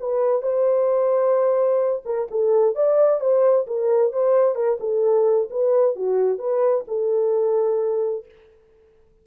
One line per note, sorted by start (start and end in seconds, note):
0.00 0.42 B4
0.42 2.02 C5
2.05 2.28 A#4
2.31 2.75 A4
2.75 3.20 D5
3.20 3.66 C5
3.67 4.12 A#4
4.13 4.55 C5
4.55 4.78 A#4
4.80 5.49 A4
5.50 5.95 B4
5.95 6.39 F#4
6.39 6.84 B4
6.88 8.25 A4